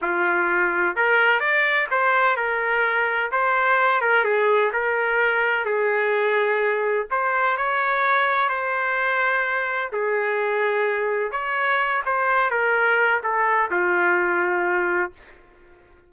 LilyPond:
\new Staff \with { instrumentName = "trumpet" } { \time 4/4 \tempo 4 = 127 f'2 ais'4 d''4 | c''4 ais'2 c''4~ | c''8 ais'8 gis'4 ais'2 | gis'2. c''4 |
cis''2 c''2~ | c''4 gis'2. | cis''4. c''4 ais'4. | a'4 f'2. | }